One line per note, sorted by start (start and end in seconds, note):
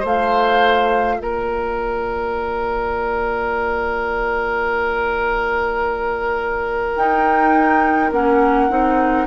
0.00 1.20 A3
0.00 6.96 F4
0.00 1.15 C5
0.06 1.20 F5
1.20 6.96 A#3
1.20 9.27 A#4
1.20 6.96 D5
6.96 8.12 D#4
6.96 8.12 G5
8.12 8.69 A#3
8.12 8.70 C#4
8.12 9.27 F#5
8.70 9.27 C4
8.70 9.27 D#4